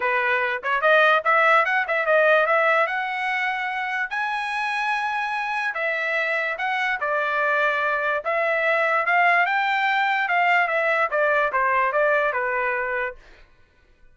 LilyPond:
\new Staff \with { instrumentName = "trumpet" } { \time 4/4 \tempo 4 = 146 b'4. cis''8 dis''4 e''4 | fis''8 e''8 dis''4 e''4 fis''4~ | fis''2 gis''2~ | gis''2 e''2 |
fis''4 d''2. | e''2 f''4 g''4~ | g''4 f''4 e''4 d''4 | c''4 d''4 b'2 | }